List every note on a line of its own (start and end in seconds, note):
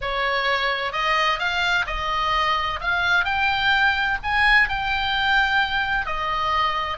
0.01 0.92 C#5
0.92 1.39 D#5
1.39 1.85 F5
1.86 2.79 D#5
2.81 3.24 F5
3.24 4.17 G5
4.23 4.68 G#5
4.68 6.05 G5
6.05 6.97 D#5